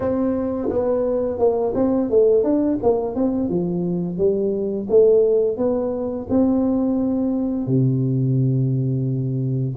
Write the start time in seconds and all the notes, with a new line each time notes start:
0.00 C4
0.69 B3
1.38 A#3
1.74 C4
2.10 A3
2.43 D4
2.82 A#3
3.15 C4
3.49 F3
4.17 G3
4.89 A3
5.57 B3
6.29 C4
7.66 C3